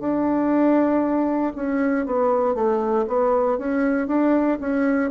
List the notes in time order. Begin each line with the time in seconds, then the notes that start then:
0.00 D4
1.55 C#4
2.06 B3
2.55 A3
3.07 B3
3.58 C#4
4.08 D4
4.60 C#4